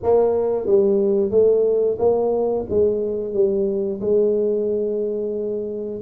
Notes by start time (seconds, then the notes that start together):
0.02 A#3
0.65 G3
1.30 A3
1.98 A#3
2.69 G#3
3.33 G3
4.00 G#3